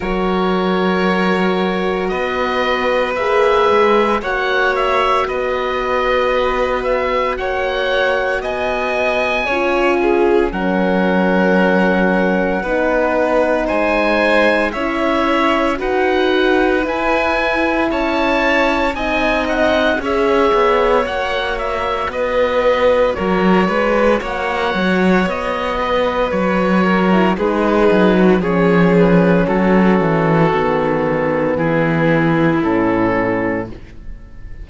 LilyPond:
<<
  \new Staff \with { instrumentName = "oboe" } { \time 4/4 \tempo 4 = 57 cis''2 dis''4 e''4 | fis''8 e''8 dis''4. e''8 fis''4 | gis''2 fis''2~ | fis''4 gis''4 e''4 fis''4 |
gis''4 a''4 gis''8 fis''8 e''4 | fis''8 e''8 dis''4 cis''4 fis''4 | dis''4 cis''4 b'4 cis''8 b'8 | a'2 gis'4 a'4 | }
  \new Staff \with { instrumentName = "violin" } { \time 4/4 ais'2 b'2 | cis''4 b'2 cis''4 | dis''4 cis''8 gis'8 ais'2 | b'4 c''4 cis''4 b'4~ |
b'4 cis''4 dis''4 cis''4~ | cis''4 b'4 ais'8 b'8 cis''4~ | cis''8 b'4 ais'8 gis'8. fis'16 gis'4 | fis'2 e'2 | }
  \new Staff \with { instrumentName = "horn" } { \time 4/4 fis'2. gis'4 | fis'1~ | fis'4 f'4 cis'2 | dis'2 e'4 fis'4 |
e'2 dis'4 gis'4 | fis'1~ | fis'4.~ fis'16 e'16 dis'4 cis'4~ | cis'4 b2 cis'4 | }
  \new Staff \with { instrumentName = "cello" } { \time 4/4 fis2 b4 ais8 gis8 | ais4 b2 ais4 | b4 cis'4 fis2 | b4 gis4 cis'4 dis'4 |
e'4 cis'4 c'4 cis'8 b8 | ais4 b4 fis8 gis8 ais8 fis8 | b4 fis4 gis8 fis8 f4 | fis8 e8 dis4 e4 a,4 | }
>>